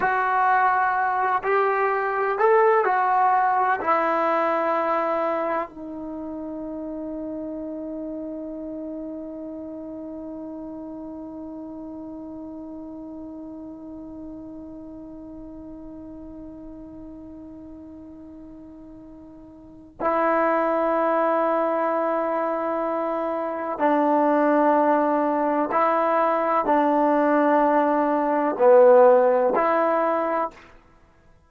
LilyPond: \new Staff \with { instrumentName = "trombone" } { \time 4/4 \tempo 4 = 63 fis'4. g'4 a'8 fis'4 | e'2 dis'2~ | dis'1~ | dis'1~ |
dis'1~ | dis'4 e'2.~ | e'4 d'2 e'4 | d'2 b4 e'4 | }